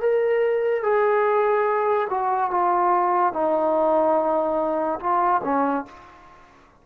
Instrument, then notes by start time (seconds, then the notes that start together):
trombone
0.00 A#4
0.83 G#4
2.09 F#4
2.50 F4
3.33 D#4
5.00 F4
5.44 C#4